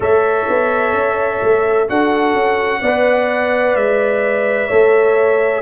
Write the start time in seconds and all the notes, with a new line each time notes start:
0.00 A3 A4 C#5 E5
0.49 B3
0.93 C#4
1.43 A3
1.88 D4 F#4 A4 F#5
2.34 C#4
2.80 B3 B4 D5
3.75 G#3 E5
4.67 A3 A4 C#5